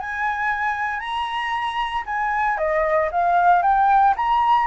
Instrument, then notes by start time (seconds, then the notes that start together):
flute
0.00 G#5
1.00 A#5
2.06 G#5
2.58 D#5
3.12 F5
3.62 G5
4.16 A#5